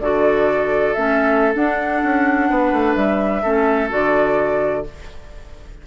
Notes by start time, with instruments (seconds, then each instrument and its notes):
0.00 bassoon D3, clarinet F#4, oboe A4, flute D5
0.94 bassoon A3, clarinet C#4, flute E5
1.54 clarinet D4, bassoon D4, flute F#5
2.03 bassoon C#4
2.50 bassoon B3, oboe B4
2.73 bassoon A3
2.95 bassoon G3, flute E5
3.42 bassoon A3, clarinet C#4, oboe A4
3.90 bassoon D3, clarinet F#4, flute D5